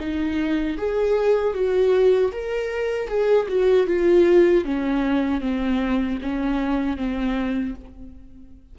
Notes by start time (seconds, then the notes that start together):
0.00 D#4
0.78 G#4
1.54 F#4
2.33 A#4
3.09 G#4
3.49 F#4
3.87 F4
4.65 C#4
5.41 C4
6.22 C#4
6.97 C4